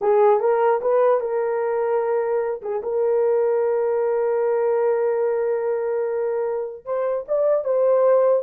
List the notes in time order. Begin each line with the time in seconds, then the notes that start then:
0.01 G#4
0.40 A#4
0.81 B4
1.20 A#4
2.61 G#4
2.82 A#4
6.85 C5
7.28 D5
7.64 C5